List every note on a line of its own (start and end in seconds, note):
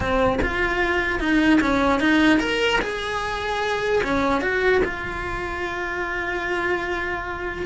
0.00 0.38 C4
0.42 1.19 F4
1.19 1.60 D#4
1.60 2.00 C#4
2.00 2.39 D#4
2.39 2.79 A#4
2.81 4.02 G#4
4.03 4.41 C#4
4.41 4.81 F#4
4.84 7.66 F4